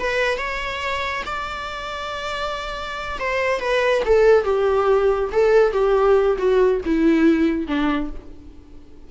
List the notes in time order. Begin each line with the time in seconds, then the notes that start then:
0.00 B4
0.38 C#5
1.26 D5
3.19 C5
3.60 B4
4.06 A4
4.45 G4
5.32 A4
5.73 G4
6.38 F#4
6.86 E4
7.68 D4